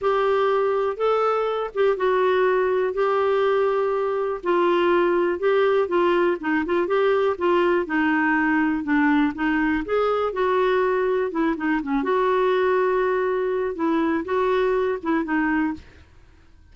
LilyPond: \new Staff \with { instrumentName = "clarinet" } { \time 4/4 \tempo 4 = 122 g'2 a'4. g'8 | fis'2 g'2~ | g'4 f'2 g'4 | f'4 dis'8 f'8 g'4 f'4 |
dis'2 d'4 dis'4 | gis'4 fis'2 e'8 dis'8 | cis'8 fis'2.~ fis'8 | e'4 fis'4. e'8 dis'4 | }